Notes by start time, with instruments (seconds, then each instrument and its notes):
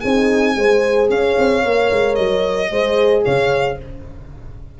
0.00 tuba C4, horn D#4 G#4, violin G#5
0.55 tuba G#3, horn G#4 C5
1.09 tuba C#4, horn C#5, violin F5
1.38 tuba C4
1.63 tuba A#3, horn A#4
1.91 tuba G#3
2.15 tuba F#3, violin D#5
2.70 tuba G#3, horn G#4 C5
3.24 tuba C#3, horn C#5, violin F5